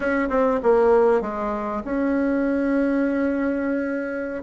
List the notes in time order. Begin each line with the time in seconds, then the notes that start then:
0.00 C#4
0.29 C4
0.62 A#3
1.21 G#3
1.84 C#4